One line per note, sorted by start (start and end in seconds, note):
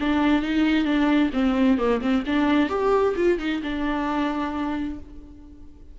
0.00 0.43 D4
0.43 0.85 D#4
0.85 1.31 D4
1.33 1.78 C4
1.78 2.01 A#3
2.01 2.24 C4
2.26 2.69 D4
2.69 3.15 G4
3.16 3.39 F4
3.39 3.62 D#4
3.63 4.99 D4